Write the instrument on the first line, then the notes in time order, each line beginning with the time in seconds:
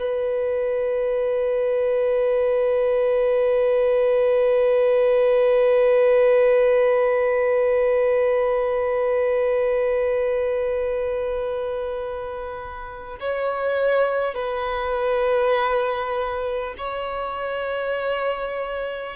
violin
0.00 B4
13.21 C#5
14.35 B4
16.78 C#5